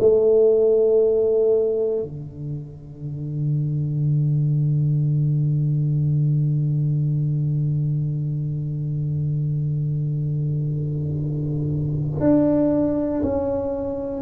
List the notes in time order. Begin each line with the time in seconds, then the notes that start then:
0.00 A3
2.03 D3
12.20 D4
13.22 C#4